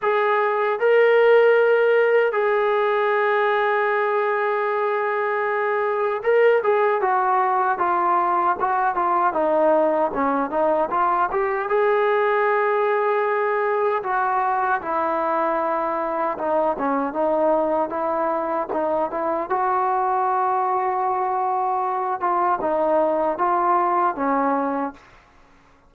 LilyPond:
\new Staff \with { instrumentName = "trombone" } { \time 4/4 \tempo 4 = 77 gis'4 ais'2 gis'4~ | gis'1 | ais'8 gis'8 fis'4 f'4 fis'8 f'8 | dis'4 cis'8 dis'8 f'8 g'8 gis'4~ |
gis'2 fis'4 e'4~ | e'4 dis'8 cis'8 dis'4 e'4 | dis'8 e'8 fis'2.~ | fis'8 f'8 dis'4 f'4 cis'4 | }